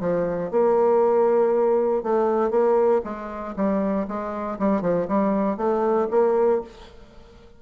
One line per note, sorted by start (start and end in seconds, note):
0.00 0.51 F3
0.51 2.03 A#3
2.03 2.51 A3
2.51 3.01 A#3
3.04 3.55 G#3
3.56 4.07 G3
4.08 4.59 G#3
4.59 4.81 G3
4.81 5.07 F3
5.08 5.57 G3
5.57 6.08 A3
6.10 6.61 A#3